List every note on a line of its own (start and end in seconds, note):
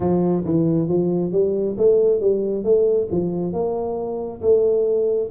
0.00 0.44 F3
0.44 0.88 E3
0.88 1.32 F3
1.32 1.76 G3
1.77 2.20 A3
2.20 2.64 G3
2.64 3.08 A3
3.11 3.53 F3
3.53 4.41 A#3
4.41 5.29 A3